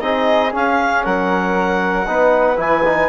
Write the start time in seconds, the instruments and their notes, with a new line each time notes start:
0.00 bassoon C4, trombone D#4, flute G#4, clarinet D#5
0.52 trombone C#4, bassoon C#4, clarinet F5
1.04 bassoon F#3, flute A#4, clarinet F#5
2.07 bassoon B3, trombone D#4, flute B4
2.56 bassoon E3, trombone E4, clarinet G#5
2.85 trombone D#4